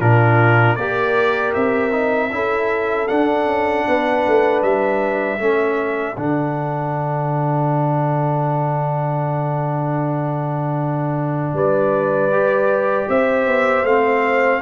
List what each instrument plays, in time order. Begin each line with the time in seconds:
0.00 tuba A#2, trombone D4, horn F4, trumpet A#4
0.76 tuba A#3, trombone G4, horn A#4, trumpet D5
1.54 tuba C4, trumpet E5
1.91 trombone D#4
2.31 tuba C#4, trombone E4, horn A4
3.08 trombone D4, tuba D4, trumpet F#5
3.46 tuba C#4
3.87 tuba B3, horn B4
4.27 tuba A3
4.62 tuba G3, trumpet E5
5.39 tuba A3, trombone C#4, horn A4
6.17 tuba D3, trombone D4, trumpet F#5
11.53 tuba G3, horn B4, trumpet D5
12.32 trombone G4
13.08 tuba C4, horn C5, trumpet E5
13.47 tuba B3
13.83 tuba A3, trombone C4, trumpet F5